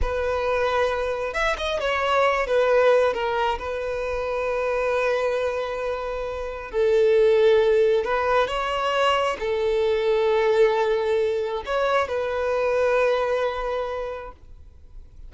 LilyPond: \new Staff \with { instrumentName = "violin" } { \time 4/4 \tempo 4 = 134 b'2. e''8 dis''8 | cis''4. b'4. ais'4 | b'1~ | b'2. a'4~ |
a'2 b'4 cis''4~ | cis''4 a'2.~ | a'2 cis''4 b'4~ | b'1 | }